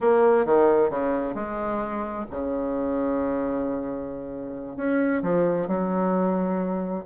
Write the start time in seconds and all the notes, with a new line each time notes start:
0.00 A#3
0.45 D#3
0.90 C#3
1.35 G#3
2.31 C#3
4.76 C#4
5.22 F3
5.67 F#3